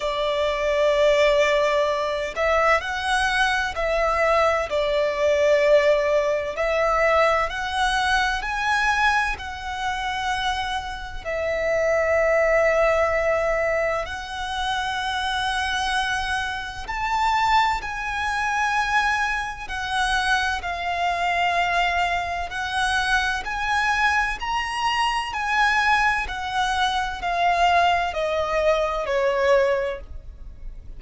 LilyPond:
\new Staff \with { instrumentName = "violin" } { \time 4/4 \tempo 4 = 64 d''2~ d''8 e''8 fis''4 | e''4 d''2 e''4 | fis''4 gis''4 fis''2 | e''2. fis''4~ |
fis''2 a''4 gis''4~ | gis''4 fis''4 f''2 | fis''4 gis''4 ais''4 gis''4 | fis''4 f''4 dis''4 cis''4 | }